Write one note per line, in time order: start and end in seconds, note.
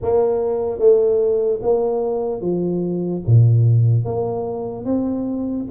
0.01 0.79 A#3
0.79 1.60 A3
1.61 2.41 A#3
2.41 3.22 F3
3.27 4.04 A#2
4.04 4.84 A#3
4.84 5.65 C4